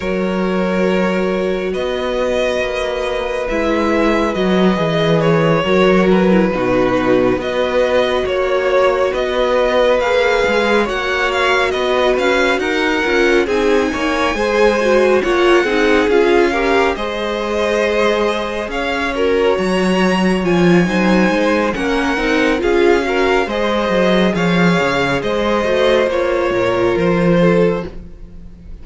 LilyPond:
<<
  \new Staff \with { instrumentName = "violin" } { \time 4/4 \tempo 4 = 69 cis''2 dis''2 | e''4 dis''4 cis''4 b'4~ | b'8 dis''4 cis''4 dis''4 f''8~ | f''8 fis''8 f''8 dis''8 f''8 fis''4 gis''8~ |
gis''4. fis''4 f''4 dis''8~ | dis''4. f''8 ais'8 ais''4 gis''8~ | gis''4 fis''4 f''4 dis''4 | f''4 dis''4 cis''4 c''4 | }
  \new Staff \with { instrumentName = "violin" } { \time 4/4 ais'2 b'2~ | b'2~ b'8 ais'4 fis'8~ | fis'8 b'4 cis''4 b'4.~ | b'8 cis''4 b'4 ais'4 gis'8 |
cis''8 c''4 cis''8 gis'4 ais'8 c''8~ | c''4. cis''2~ cis''8 | c''4 ais'4 gis'8 ais'8 c''4 | cis''4 c''4. ais'4 a'8 | }
  \new Staff \with { instrumentName = "viola" } { \time 4/4 fis'1 | e'4 fis'8 gis'4 fis'8. e'16 dis'8~ | dis'8 fis'2. gis'8~ | gis'8 fis'2~ fis'8 f'8 dis'8~ |
dis'8 gis'8 fis'8 f'8 dis'8 f'8 g'8 gis'8~ | gis'2 fis'4. f'8 | dis'4 cis'8 dis'8 f'8 fis'8 gis'4~ | gis'4. fis'8 f'2 | }
  \new Staff \with { instrumentName = "cello" } { \time 4/4 fis2 b4 ais4 | gis4 fis8 e4 fis4 b,8~ | b,8 b4 ais4 b4 ais8 | gis8 ais4 b8 cis'8 dis'8 cis'8 c'8 |
ais8 gis4 ais8 c'8 cis'4 gis8~ | gis4. cis'4 fis4 f8 | fis8 gis8 ais8 c'8 cis'4 gis8 fis8 | f8 cis8 gis8 a8 ais8 ais,8 f4 | }
>>